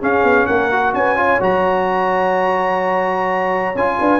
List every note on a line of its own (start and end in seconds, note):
0.00 0.71 C#4
0.00 0.23 C#4
0.00 0.46 G#4
0.00 0.46 F5
0.23 0.46 B3
0.46 0.93 A#3
0.46 0.93 A#4
0.46 0.93 F#5
0.71 1.16 F#4
0.93 1.40 C#4
0.93 1.17 B4
0.93 1.41 G#5
1.16 1.39 F4
1.16 3.99 C#5
1.39 3.75 F#3
1.39 3.74 F#4
1.39 3.76 A#5
3.75 3.98 C#4
3.75 4.19 F4
3.75 4.19 G#5
3.99 4.19 D4
3.99 4.19 B4